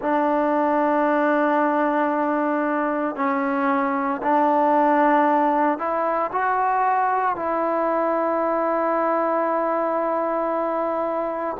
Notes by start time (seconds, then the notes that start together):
0.01 D4
3.15 C#4
4.22 D4
5.78 E4
6.32 F#4
7.35 E4